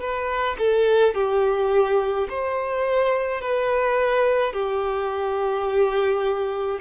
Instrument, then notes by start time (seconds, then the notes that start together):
violin
0.00 B4
0.58 A4
1.15 G4
2.30 C5
3.41 B4
4.53 G4